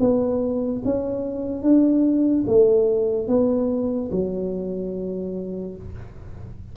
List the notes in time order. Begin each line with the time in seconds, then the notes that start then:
0.00 B3
0.85 C#4
1.63 D4
2.47 A3
3.28 B3
4.12 F#3